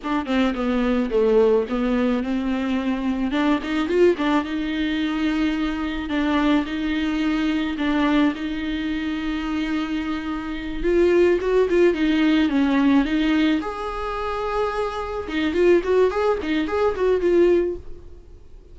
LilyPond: \new Staff \with { instrumentName = "viola" } { \time 4/4 \tempo 4 = 108 d'8 c'8 b4 a4 b4 | c'2 d'8 dis'8 f'8 d'8 | dis'2. d'4 | dis'2 d'4 dis'4~ |
dis'2.~ dis'8 f'8~ | f'8 fis'8 f'8 dis'4 cis'4 dis'8~ | dis'8 gis'2. dis'8 | f'8 fis'8 gis'8 dis'8 gis'8 fis'8 f'4 | }